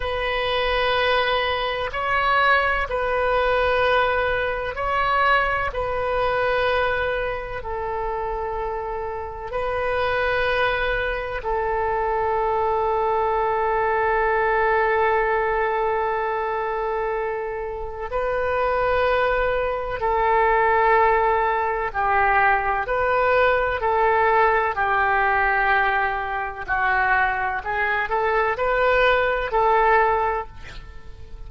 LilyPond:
\new Staff \with { instrumentName = "oboe" } { \time 4/4 \tempo 4 = 63 b'2 cis''4 b'4~ | b'4 cis''4 b'2 | a'2 b'2 | a'1~ |
a'2. b'4~ | b'4 a'2 g'4 | b'4 a'4 g'2 | fis'4 gis'8 a'8 b'4 a'4 | }